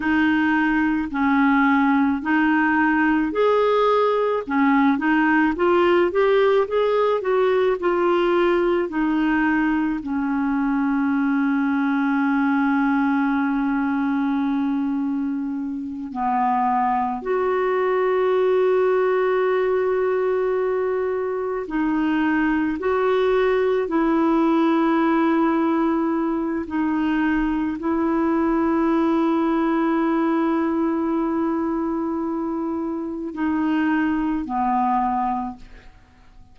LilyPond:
\new Staff \with { instrumentName = "clarinet" } { \time 4/4 \tempo 4 = 54 dis'4 cis'4 dis'4 gis'4 | cis'8 dis'8 f'8 g'8 gis'8 fis'8 f'4 | dis'4 cis'2.~ | cis'2~ cis'8 b4 fis'8~ |
fis'2.~ fis'8 dis'8~ | dis'8 fis'4 e'2~ e'8 | dis'4 e'2.~ | e'2 dis'4 b4 | }